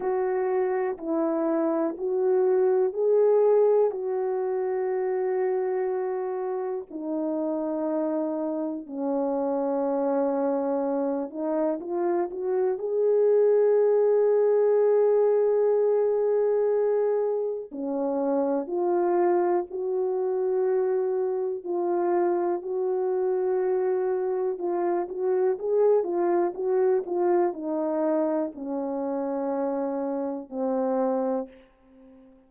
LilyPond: \new Staff \with { instrumentName = "horn" } { \time 4/4 \tempo 4 = 61 fis'4 e'4 fis'4 gis'4 | fis'2. dis'4~ | dis'4 cis'2~ cis'8 dis'8 | f'8 fis'8 gis'2.~ |
gis'2 cis'4 f'4 | fis'2 f'4 fis'4~ | fis'4 f'8 fis'8 gis'8 f'8 fis'8 f'8 | dis'4 cis'2 c'4 | }